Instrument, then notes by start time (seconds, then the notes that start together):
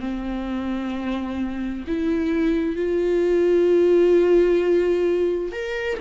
viola
0.00 C4
1.87 E4
2.76 F4
5.52 A#4